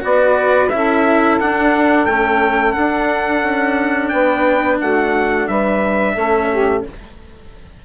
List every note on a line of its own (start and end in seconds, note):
0.00 0.71 B3
0.00 0.68 F#4
0.00 0.73 B4
0.00 0.69 D5
0.69 1.40 C#4
0.69 1.40 E4
0.69 4.12 A4
0.69 1.37 E5
1.39 2.08 D4
1.39 2.05 D4
1.39 2.05 F#5
2.05 2.73 A3
2.05 2.76 C#4
2.05 2.72 G5
2.72 6.17 D4
2.72 3.42 D4
2.72 4.08 F#5
3.42 4.10 C#4
4.08 4.80 B3
4.08 4.79 B4
4.08 4.76 G5
4.79 5.47 A3
4.79 5.48 F#4
4.79 5.47 F#5
5.47 6.15 G3
5.47 6.13 B4
5.47 6.84 E5
6.13 6.83 A3
6.13 6.85 C#4
6.13 6.47 A4
6.50 6.84 G4